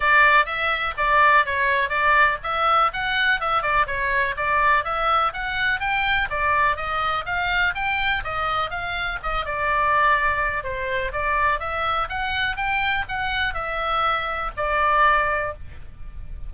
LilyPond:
\new Staff \with { instrumentName = "oboe" } { \time 4/4 \tempo 4 = 124 d''4 e''4 d''4 cis''4 | d''4 e''4 fis''4 e''8 d''8 | cis''4 d''4 e''4 fis''4 | g''4 d''4 dis''4 f''4 |
g''4 dis''4 f''4 dis''8 d''8~ | d''2 c''4 d''4 | e''4 fis''4 g''4 fis''4 | e''2 d''2 | }